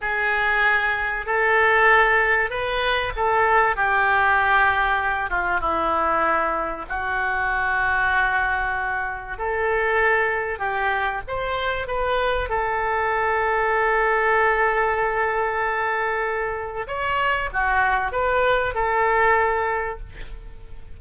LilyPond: \new Staff \with { instrumentName = "oboe" } { \time 4/4 \tempo 4 = 96 gis'2 a'2 | b'4 a'4 g'2~ | g'8 f'8 e'2 fis'4~ | fis'2. a'4~ |
a'4 g'4 c''4 b'4 | a'1~ | a'2. cis''4 | fis'4 b'4 a'2 | }